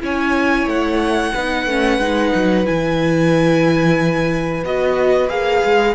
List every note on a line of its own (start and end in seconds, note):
0.00 0.66 C#4
0.00 1.32 E4
0.00 1.34 C#5
0.00 0.69 G#5
0.66 1.32 A3
0.66 2.66 F#5
1.34 1.66 B3
1.34 1.69 D#4
1.34 5.95 B4
1.66 1.98 A3
1.66 2.01 C#4
1.98 2.31 G#3
1.98 2.64 D#4
2.34 2.67 F#3
2.64 4.64 E3
2.64 4.62 E4
2.64 4.64 G#5
4.64 5.30 B3
4.64 5.29 F#4
4.64 5.29 D#5
5.29 5.63 A#3
5.29 5.95 G#4
5.29 5.95 F5
5.64 5.95 G#3